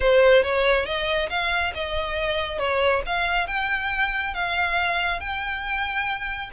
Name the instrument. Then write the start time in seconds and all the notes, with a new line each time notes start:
violin
0.00 C5
0.42 C#5
0.85 D#5
1.29 F5
1.74 D#5
2.58 C#5
3.06 F5
3.47 G5
4.34 F5
5.20 G5